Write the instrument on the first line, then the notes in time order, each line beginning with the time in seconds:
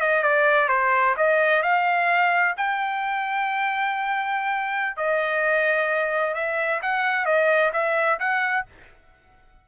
trumpet
0.00 D#5
0.22 D5
0.68 C5
1.16 D#5
1.62 F5
2.57 G5
4.96 D#5
6.34 E5
6.82 F#5
7.25 D#5
7.72 E5
8.19 F#5